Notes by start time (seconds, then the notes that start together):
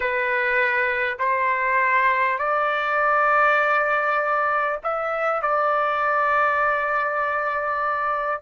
0.00 B4
1.18 C5
2.38 D5
4.83 E5
5.42 D5